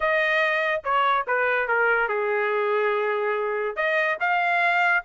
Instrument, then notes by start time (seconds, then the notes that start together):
trumpet
0.00 D#5
0.84 C#5
1.27 B4
1.68 A#4
2.08 G#4
3.76 D#5
4.20 F5